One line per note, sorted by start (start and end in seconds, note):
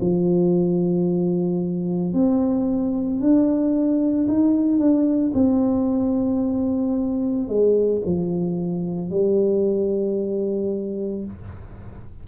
0.00 2.13 F3
2.13 3.19 C4
3.19 4.27 D4
4.27 4.78 D#4
4.78 5.31 D4
5.33 7.48 C4
7.48 8.01 G#3
8.05 9.10 F3
9.10 11.25 G3